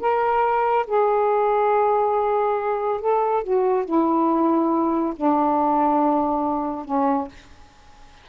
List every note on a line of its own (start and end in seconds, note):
0.00 0.86 A#4
0.87 3.00 G#4
3.00 3.43 A4
3.43 3.85 F#4
3.85 5.14 E4
5.16 6.85 D4
6.85 7.28 C#4